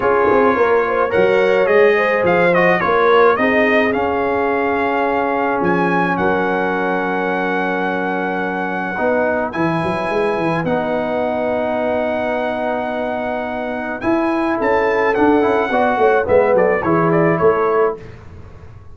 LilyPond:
<<
  \new Staff \with { instrumentName = "trumpet" } { \time 4/4 \tempo 4 = 107 cis''2 fis''4 dis''4 | f''8 dis''8 cis''4 dis''4 f''4~ | f''2 gis''4 fis''4~ | fis''1~ |
fis''4 gis''2 fis''4~ | fis''1~ | fis''4 gis''4 a''4 fis''4~ | fis''4 e''8 d''8 cis''8 d''8 cis''4 | }
  \new Staff \with { instrumentName = "horn" } { \time 4/4 gis'4 ais'8 c''8 cis''4. c''8~ | c''4 ais'4 gis'2~ | gis'2. ais'4~ | ais'1 |
b'1~ | b'1~ | b'2 a'2 | d''8 cis''8 b'8 a'8 gis'4 a'4 | }
  \new Staff \with { instrumentName = "trombone" } { \time 4/4 f'2 ais'4 gis'4~ | gis'8 fis'8 f'4 dis'4 cis'4~ | cis'1~ | cis'1 |
dis'4 e'2 dis'4~ | dis'1~ | dis'4 e'2 d'8 e'8 | fis'4 b4 e'2 | }
  \new Staff \with { instrumentName = "tuba" } { \time 4/4 cis'8 c'8 ais4 fis4 gis4 | f4 ais4 c'4 cis'4~ | cis'2 f4 fis4~ | fis1 |
b4 e8 fis8 gis8 e8 b4~ | b1~ | b4 e'4 cis'4 d'8 cis'8 | b8 a8 gis8 fis8 e4 a4 | }
>>